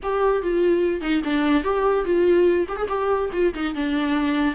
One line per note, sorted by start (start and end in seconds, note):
0.03 0.42 G4
0.42 1.01 F4
1.01 1.22 D#4
1.24 1.63 D4
1.63 2.04 G4
2.05 2.67 F4
2.68 2.76 G4
2.76 2.86 G#4
2.88 3.30 G4
3.33 3.53 F4
3.54 3.74 D#4
3.74 4.54 D4